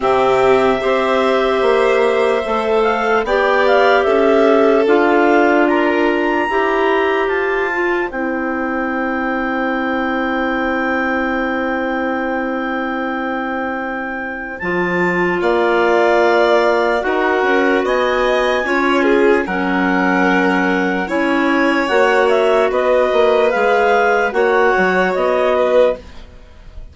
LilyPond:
<<
  \new Staff \with { instrumentName = "clarinet" } { \time 4/4 \tempo 4 = 74 e''2.~ e''8 f''8 | g''8 f''8 e''4 f''4 ais''4~ | ais''4 a''4 g''2~ | g''1~ |
g''2 a''4 f''4~ | f''4 fis''4 gis''2 | fis''2 gis''4 fis''8 e''8 | dis''4 f''4 fis''4 dis''4 | }
  \new Staff \with { instrumentName = "violin" } { \time 4/4 g'4 c''2. | d''4 a'2 ais'4 | c''1~ | c''1~ |
c''2. d''4~ | d''4 ais'4 dis''4 cis''8 gis'8 | ais'2 cis''2 | b'2 cis''4. b'8 | }
  \new Staff \with { instrumentName = "clarinet" } { \time 4/4 c'4 g'2 a'4 | g'2 f'2 | g'4. f'8 e'2~ | e'1~ |
e'2 f'2~ | f'4 fis'2 f'4 | cis'2 e'4 fis'4~ | fis'4 gis'4 fis'2 | }
  \new Staff \with { instrumentName = "bassoon" } { \time 4/4 c4 c'4 ais4 a4 | b4 cis'4 d'2 | e'4 f'4 c'2~ | c'1~ |
c'2 f4 ais4~ | ais4 dis'8 cis'8 b4 cis'4 | fis2 cis'4 ais4 | b8 ais8 gis4 ais8 fis8 b4 | }
>>